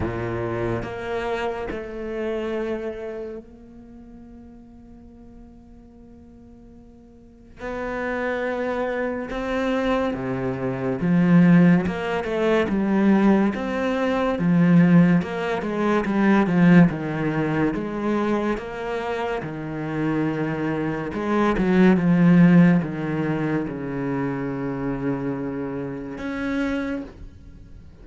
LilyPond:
\new Staff \with { instrumentName = "cello" } { \time 4/4 \tempo 4 = 71 ais,4 ais4 a2 | ais1~ | ais4 b2 c'4 | c4 f4 ais8 a8 g4 |
c'4 f4 ais8 gis8 g8 f8 | dis4 gis4 ais4 dis4~ | dis4 gis8 fis8 f4 dis4 | cis2. cis'4 | }